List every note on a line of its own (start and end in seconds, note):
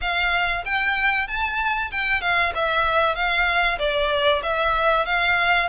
0.01 0.64 F5
0.65 1.27 G5
1.27 1.91 A5
1.91 2.21 G5
2.21 2.52 F5
2.54 3.15 E5
3.15 3.78 F5
3.78 4.42 D5
4.42 5.05 E5
5.05 5.68 F5